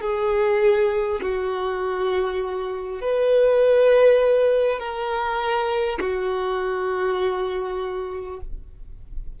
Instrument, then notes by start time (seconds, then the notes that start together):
violin
0.00 G#4
1.21 F#4
3.01 B4
4.79 A#4
6.00 F#4